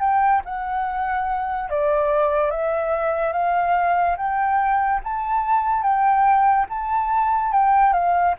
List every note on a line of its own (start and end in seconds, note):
0.00 0.42 G5
0.45 1.70 F#5
1.70 2.51 D5
2.51 3.33 E5
3.33 4.16 F5
4.17 5.01 G5
5.04 5.83 A5
5.83 6.66 G5
6.70 7.52 A5
7.52 7.93 G5
7.93 8.35 F5